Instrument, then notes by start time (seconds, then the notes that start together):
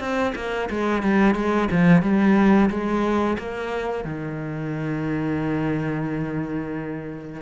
cello
0.00 C4
0.36 A#3
0.70 G#3
1.03 G3
1.35 G#3
1.72 F3
2.03 G3
2.70 G#3
3.39 A#3
4.05 D#3